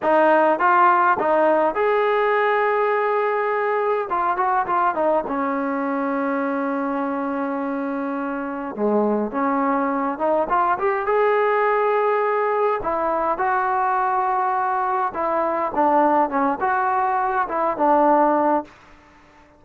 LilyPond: \new Staff \with { instrumentName = "trombone" } { \time 4/4 \tempo 4 = 103 dis'4 f'4 dis'4 gis'4~ | gis'2. f'8 fis'8 | f'8 dis'8 cis'2.~ | cis'2. gis4 |
cis'4. dis'8 f'8 g'8 gis'4~ | gis'2 e'4 fis'4~ | fis'2 e'4 d'4 | cis'8 fis'4. e'8 d'4. | }